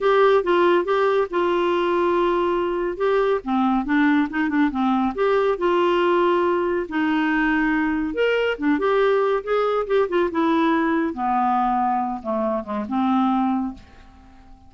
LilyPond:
\new Staff \with { instrumentName = "clarinet" } { \time 4/4 \tempo 4 = 140 g'4 f'4 g'4 f'4~ | f'2. g'4 | c'4 d'4 dis'8 d'8 c'4 | g'4 f'2. |
dis'2. ais'4 | d'8 g'4. gis'4 g'8 f'8 | e'2 b2~ | b8 a4 gis8 c'2 | }